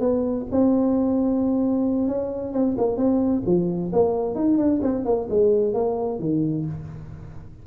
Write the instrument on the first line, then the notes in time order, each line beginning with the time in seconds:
tuba
0.00 B3
0.51 C4
2.08 C#4
2.53 C4
2.78 A#3
2.97 C4
3.46 F3
3.93 A#3
4.35 D#4
4.58 D4
4.82 C4
5.05 A#3
5.30 G#3
5.74 A#3
6.20 D#3